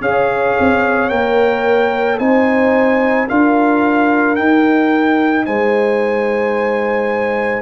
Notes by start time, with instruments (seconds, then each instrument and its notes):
0.00 tuba C#4, trombone G#4, horn C#5, trumpet F5
0.59 tuba C4
1.09 tuba A#3, trombone A#4, trumpet G5
2.18 tuba C4, trombone D#4, horn C5, trumpet G#5
3.28 tuba D4, trombone F4, horn A#4, trumpet F5
4.35 trombone D#4, tuba D#4, trumpet G5
5.45 tuba G#3, horn C5, trumpet G#5